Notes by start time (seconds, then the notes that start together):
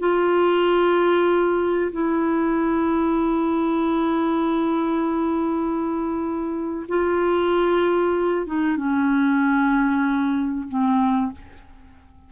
0.00 F4
1.92 E4
6.88 F4
8.47 D#4
8.77 C#4
10.69 C4